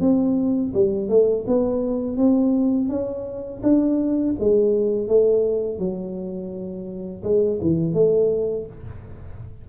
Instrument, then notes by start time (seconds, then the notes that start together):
tuba
0.00 C4
0.74 G3
1.09 A3
1.47 B3
2.17 C4
2.89 C#4
3.63 D4
4.39 G#3
5.07 A3
5.78 F#3
7.23 G#3
7.61 E3
7.94 A3